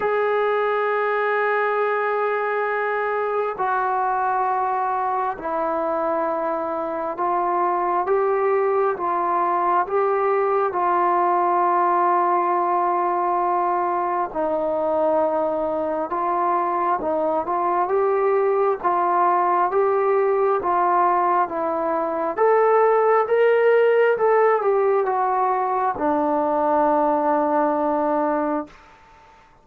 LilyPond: \new Staff \with { instrumentName = "trombone" } { \time 4/4 \tempo 4 = 67 gis'1 | fis'2 e'2 | f'4 g'4 f'4 g'4 | f'1 |
dis'2 f'4 dis'8 f'8 | g'4 f'4 g'4 f'4 | e'4 a'4 ais'4 a'8 g'8 | fis'4 d'2. | }